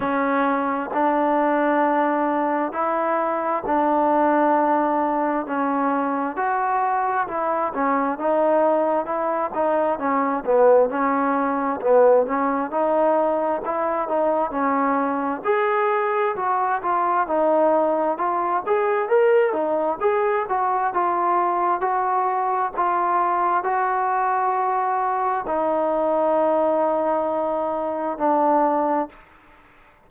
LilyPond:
\new Staff \with { instrumentName = "trombone" } { \time 4/4 \tempo 4 = 66 cis'4 d'2 e'4 | d'2 cis'4 fis'4 | e'8 cis'8 dis'4 e'8 dis'8 cis'8 b8 | cis'4 b8 cis'8 dis'4 e'8 dis'8 |
cis'4 gis'4 fis'8 f'8 dis'4 | f'8 gis'8 ais'8 dis'8 gis'8 fis'8 f'4 | fis'4 f'4 fis'2 | dis'2. d'4 | }